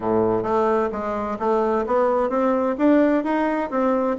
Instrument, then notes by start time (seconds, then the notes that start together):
bassoon
0.00 A2
0.43 A3
0.91 G#3
1.39 A3
1.86 B3
2.29 C4
2.78 D4
3.23 D#4
3.70 C4